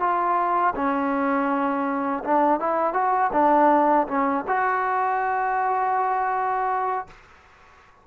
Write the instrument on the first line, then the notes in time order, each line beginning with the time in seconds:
trombone
0.00 F4
0.76 C#4
2.25 D4
2.60 E4
2.94 F#4
3.33 D4
4.08 C#4
4.48 F#4